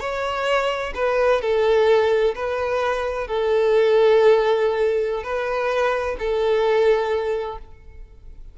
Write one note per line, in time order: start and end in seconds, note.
0.00 0.93 C#5
0.95 1.41 B4
1.42 2.35 A4
2.35 3.27 B4
3.27 5.23 A4
5.23 6.16 B4
6.19 7.59 A4